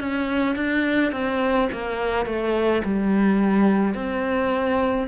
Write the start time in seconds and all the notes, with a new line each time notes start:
0.00 C#4
0.56 D4
1.12 C4
1.72 A#3
2.26 A3
2.85 G3
3.95 C4